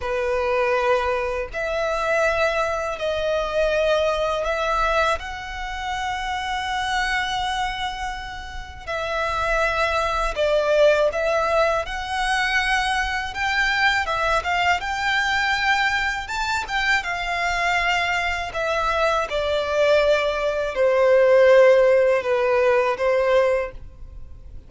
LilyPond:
\new Staff \with { instrumentName = "violin" } { \time 4/4 \tempo 4 = 81 b'2 e''2 | dis''2 e''4 fis''4~ | fis''1 | e''2 d''4 e''4 |
fis''2 g''4 e''8 f''8 | g''2 a''8 g''8 f''4~ | f''4 e''4 d''2 | c''2 b'4 c''4 | }